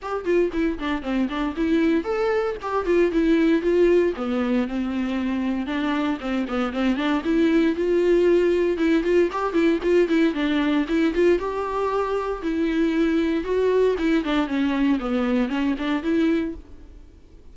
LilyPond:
\new Staff \with { instrumentName = "viola" } { \time 4/4 \tempo 4 = 116 g'8 f'8 e'8 d'8 c'8 d'8 e'4 | a'4 g'8 f'8 e'4 f'4 | b4 c'2 d'4 | c'8 b8 c'8 d'8 e'4 f'4~ |
f'4 e'8 f'8 g'8 e'8 f'8 e'8 | d'4 e'8 f'8 g'2 | e'2 fis'4 e'8 d'8 | cis'4 b4 cis'8 d'8 e'4 | }